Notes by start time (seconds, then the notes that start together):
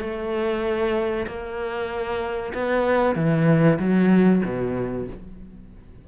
0.00 A3
1.27 A#3
2.54 B3
3.15 E3
3.79 F#3
4.45 B2